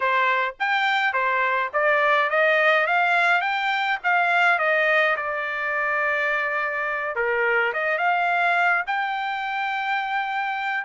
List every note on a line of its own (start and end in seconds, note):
0.00 0.55 C5
0.59 1.13 G5
1.13 1.70 C5
1.73 2.29 D5
2.29 2.86 D#5
2.86 3.41 F5
3.41 3.98 G5
4.03 4.59 F5
4.59 5.16 D#5
5.16 7.15 D5
7.15 7.72 A#4
7.73 7.98 D#5
7.98 8.83 F5
8.86 10.84 G5